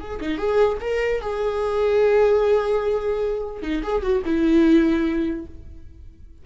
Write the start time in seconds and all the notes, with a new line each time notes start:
0.00 G#4
0.21 D#4
0.38 G#4
0.81 A#4
1.21 G#4
3.62 D#4
3.83 G#4
4.02 F#4
4.25 E4